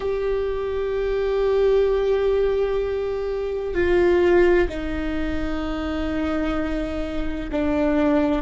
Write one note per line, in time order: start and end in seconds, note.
0.00 3.74 G4
3.74 4.67 F4
4.68 7.50 D#4
7.51 8.42 D4